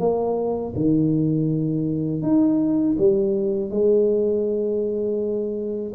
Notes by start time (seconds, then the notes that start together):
0.00 A#3
0.76 D#3
2.23 D#4
2.99 G3
3.71 G#3